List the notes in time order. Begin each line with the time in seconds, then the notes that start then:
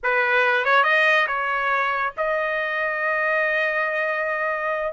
0.03 B4
0.64 C#5
0.83 D#5
1.27 C#5
2.17 D#5